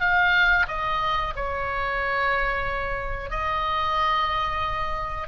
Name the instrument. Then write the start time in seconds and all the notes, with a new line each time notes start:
oboe
0.00 F5
0.68 D#5
1.36 C#5
3.30 D#5